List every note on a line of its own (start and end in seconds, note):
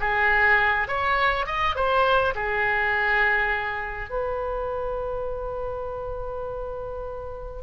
0.00 0.88 G#4
0.88 1.46 C#5
1.46 1.75 D#5
1.75 2.34 C5
2.35 4.10 G#4
4.10 7.63 B4